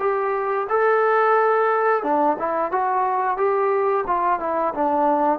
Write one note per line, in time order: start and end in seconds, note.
0.00 0.67 G4
0.70 2.04 A4
2.04 2.37 D4
2.39 2.72 E4
2.72 3.37 F#4
3.37 4.05 G4
4.07 4.40 F4
4.40 4.74 E4
4.75 5.40 D4